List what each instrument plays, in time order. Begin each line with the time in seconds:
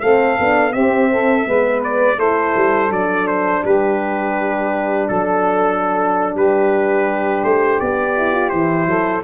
0.00 tuba A3, horn C4, saxophone A4, trumpet F5
0.39 tuba B3, horn D4
0.71 horn C4, tuba C4, saxophone G4, trumpet E5
1.11 saxophone A4
1.45 tuba G#3, horn B3, saxophone B4
1.84 trumpet D5
2.16 tuba A3, horn E4, saxophone A4, trumpet C5
2.56 tuba G3
2.89 tuba F#3, horn D4, trumpet D5
3.27 trumpet C5
3.63 tuba G3, saxophone G4, trumpet B4
5.07 tuba F#3, saxophone A4, trumpet A4
6.34 tuba G3, saxophone G4, trumpet B4
7.44 tuba A3, trumpet C5
7.80 tuba B3, trumpet D5
8.17 horn E4
8.32 horn F4
8.49 tuba E3, horn E4, trumpet C5
8.86 tuba F#3, saxophone A4